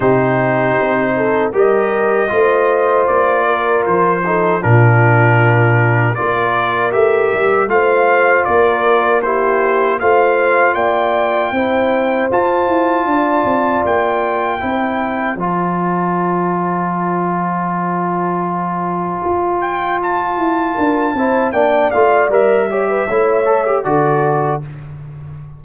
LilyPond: <<
  \new Staff \with { instrumentName = "trumpet" } { \time 4/4 \tempo 4 = 78 c''2 dis''2 | d''4 c''4 ais'2 | d''4 e''4 f''4 d''4 | c''4 f''4 g''2 |
a''2 g''2 | a''1~ | a''4. g''8 a''2 | g''8 f''8 e''2 d''4 | }
  \new Staff \with { instrumentName = "horn" } { \time 4/4 g'4. a'8 ais'4 c''4~ | c''8 ais'4 a'8 f'2 | ais'2 c''4 ais'4 | g'4 c''4 d''4 c''4~ |
c''4 d''2 c''4~ | c''1~ | c''2. ais'8 c''8 | d''4. cis''16 b'16 cis''4 a'4 | }
  \new Staff \with { instrumentName = "trombone" } { \time 4/4 dis'2 g'4 f'4~ | f'4. dis'8 d'2 | f'4 g'4 f'2 | e'4 f'2 e'4 |
f'2. e'4 | f'1~ | f'2.~ f'8 e'8 | d'8 f'8 ais'8 g'8 e'8 a'16 g'16 fis'4 | }
  \new Staff \with { instrumentName = "tuba" } { \time 4/4 c4 c'4 g4 a4 | ais4 f4 ais,2 | ais4 a8 g8 a4 ais4~ | ais4 a4 ais4 c'4 |
f'8 e'8 d'8 c'8 ais4 c'4 | f1~ | f4 f'4. e'8 d'8 c'8 | ais8 a8 g4 a4 d4 | }
>>